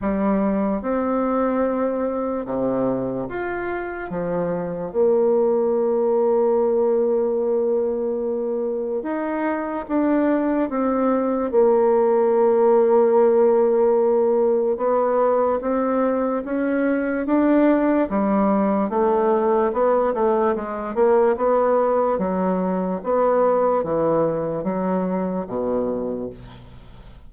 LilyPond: \new Staff \with { instrumentName = "bassoon" } { \time 4/4 \tempo 4 = 73 g4 c'2 c4 | f'4 f4 ais2~ | ais2. dis'4 | d'4 c'4 ais2~ |
ais2 b4 c'4 | cis'4 d'4 g4 a4 | b8 a8 gis8 ais8 b4 fis4 | b4 e4 fis4 b,4 | }